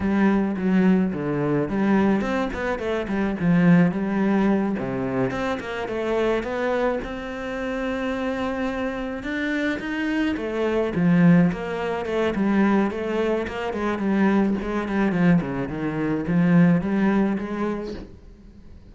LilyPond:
\new Staff \with { instrumentName = "cello" } { \time 4/4 \tempo 4 = 107 g4 fis4 d4 g4 | c'8 b8 a8 g8 f4 g4~ | g8 c4 c'8 ais8 a4 b8~ | b8 c'2.~ c'8~ |
c'8 d'4 dis'4 a4 f8~ | f8 ais4 a8 g4 a4 | ais8 gis8 g4 gis8 g8 f8 cis8 | dis4 f4 g4 gis4 | }